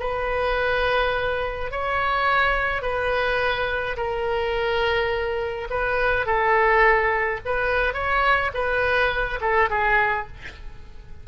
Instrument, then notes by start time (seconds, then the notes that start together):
oboe
0.00 B4
1.72 C#5
2.82 B4
3.97 A#4
5.70 B4
6.26 A4
7.46 B4
7.94 C#5
8.54 B4
9.41 A4
9.70 G#4